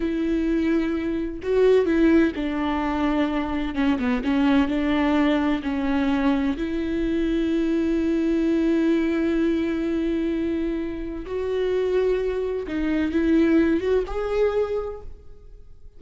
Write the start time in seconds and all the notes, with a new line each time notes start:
0.00 E4
1.43 F#4
1.85 E4
2.35 D4
3.74 C#4
3.98 B3
4.24 C#4
4.67 D4
5.62 C#4
6.57 E4
11.25 F#4
12.67 D#4
13.11 E4
13.80 F#4
14.06 G#4